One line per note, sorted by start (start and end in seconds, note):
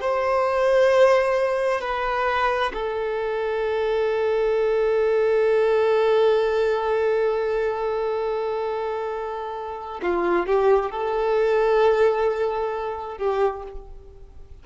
0.00 1.81 C5
1.81 2.71 B4
2.73 10.00 A4
10.02 10.46 F4
10.46 10.90 G4
10.90 13.17 A4
13.17 13.63 G4